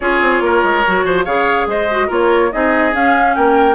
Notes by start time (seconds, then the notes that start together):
0.00 C#4 F4 G#4 C#5
0.21 C4
0.40 A#3 A#4
0.63 G#3
0.86 F#3 F#4
1.04 F3 C5
1.25 C#3 G#4 C#5 F5
1.66 G#3 C5 D#5
1.90 F#4
2.07 A#3 F4 A#4 C#5
2.51 C4 D#4 G#4 D#5
2.92 C#4 F5
3.34 A#3 A#4 G5